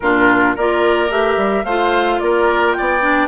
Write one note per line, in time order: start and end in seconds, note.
0.00 0.56 A#2
0.00 0.57 D4
0.00 0.55 F4
0.00 0.55 A#4
0.55 1.10 A#3
0.55 1.09 F4
0.55 1.65 A#4
0.55 1.11 D5
1.09 1.36 A3
1.09 1.64 G4
1.09 1.64 E5
1.36 1.64 G3
1.64 2.19 A3
1.64 3.00 F4
1.64 2.20 C5
1.64 2.19 F5
2.19 2.76 A#3
2.19 2.77 A#4
2.19 2.73 D5
2.73 3.28 D5
2.73 3.28 G5
2.79 3.28 B3
3.00 3.28 D4